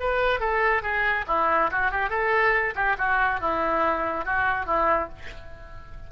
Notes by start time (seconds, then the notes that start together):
0.00 B4
0.40 A4
0.82 G#4
1.27 E4
1.71 F#4
1.91 G4
2.10 A4
2.75 G4
2.98 F#4
3.40 E4
4.25 F#4
4.66 E4